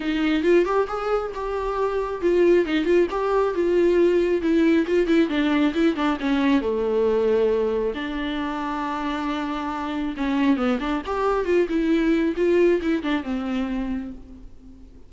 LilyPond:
\new Staff \with { instrumentName = "viola" } { \time 4/4 \tempo 4 = 136 dis'4 f'8 g'8 gis'4 g'4~ | g'4 f'4 dis'8 f'8 g'4 | f'2 e'4 f'8 e'8 | d'4 e'8 d'8 cis'4 a4~ |
a2 d'2~ | d'2. cis'4 | b8 d'8 g'4 f'8 e'4. | f'4 e'8 d'8 c'2 | }